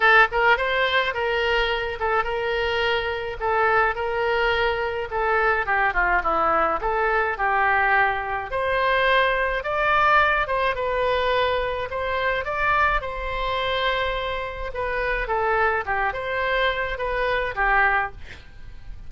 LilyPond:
\new Staff \with { instrumentName = "oboe" } { \time 4/4 \tempo 4 = 106 a'8 ais'8 c''4 ais'4. a'8 | ais'2 a'4 ais'4~ | ais'4 a'4 g'8 f'8 e'4 | a'4 g'2 c''4~ |
c''4 d''4. c''8 b'4~ | b'4 c''4 d''4 c''4~ | c''2 b'4 a'4 | g'8 c''4. b'4 g'4 | }